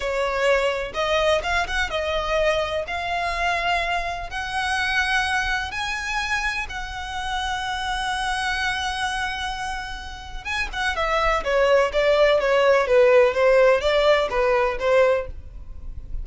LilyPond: \new Staff \with { instrumentName = "violin" } { \time 4/4 \tempo 4 = 126 cis''2 dis''4 f''8 fis''8 | dis''2 f''2~ | f''4 fis''2. | gis''2 fis''2~ |
fis''1~ | fis''2 gis''8 fis''8 e''4 | cis''4 d''4 cis''4 b'4 | c''4 d''4 b'4 c''4 | }